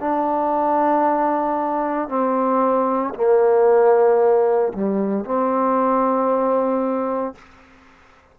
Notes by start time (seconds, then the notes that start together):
0.00 D4
2.08 C4
3.14 A#3
4.73 G3
5.24 C4